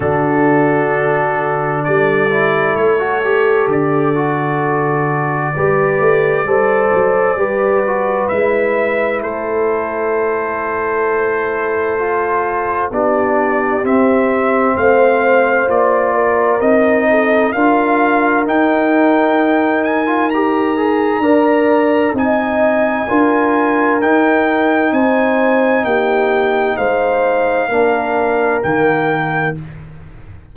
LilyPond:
<<
  \new Staff \with { instrumentName = "trumpet" } { \time 4/4 \tempo 4 = 65 a'2 d''4 cis''4 | d''1~ | d''4 e''4 c''2~ | c''2 d''4 e''4 |
f''4 d''4 dis''4 f''4 | g''4. gis''8 ais''2 | gis''2 g''4 gis''4 | g''4 f''2 g''4 | }
  \new Staff \with { instrumentName = "horn" } { \time 4/4 fis'2 a'2~ | a'2 b'4 c''4 | b'2 a'2~ | a'2 g'2 |
c''4. ais'4 a'8 ais'4~ | ais'2. d''4 | dis''4 ais'2 c''4 | g'4 c''4 ais'2 | }
  \new Staff \with { instrumentName = "trombone" } { \time 4/4 d'2~ d'8 e'8. fis'16 g'8~ | g'8 fis'4. g'4 a'4 | g'8 fis'8 e'2.~ | e'4 f'4 d'4 c'4~ |
c'4 f'4 dis'4 f'4 | dis'4.~ dis'16 f'16 g'8 gis'8 ais'4 | dis'4 f'4 dis'2~ | dis'2 d'4 ais4 | }
  \new Staff \with { instrumentName = "tuba" } { \time 4/4 d2 g4 a4 | d2 g8 a8 g8 fis8 | g4 gis4 a2~ | a2 b4 c'4 |
a4 ais4 c'4 d'4 | dis'2. d'4 | c'4 d'4 dis'4 c'4 | ais4 gis4 ais4 dis4 | }
>>